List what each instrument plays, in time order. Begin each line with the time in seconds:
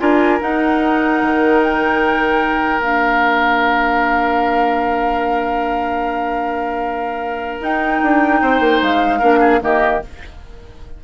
0.00 bassoon D4, clarinet F4, oboe A#4, flute G#5
0.40 clarinet D#4, bassoon D#4, flute F#5
1.22 bassoon D#3
1.63 flute G5
2.80 bassoon A#3, clarinet D4, flute F5
7.61 bassoon D#4, clarinet D#4, flute G5
8.03 bassoon D4
8.42 bassoon C4, oboe C5
8.60 bassoon A#3
8.82 bassoon G#3, flute F5
9.19 bassoon A#3, clarinet D4, oboe A#4
9.40 oboe G#4
9.61 bassoon D#3, clarinet A#3, oboe G4, flute D#5